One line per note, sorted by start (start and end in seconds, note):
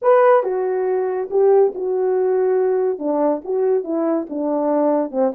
0.01 0.43 B4
0.43 1.29 F#4
1.30 1.73 G4
1.75 2.98 F#4
2.98 3.41 D4
3.44 3.84 F#4
3.84 4.26 E4
4.29 5.11 D4
5.11 5.32 C4